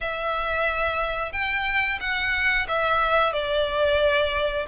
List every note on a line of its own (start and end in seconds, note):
0.01 1.32 E5
1.32 1.99 G5
2.00 2.67 F#5
2.68 3.32 E5
3.32 4.66 D5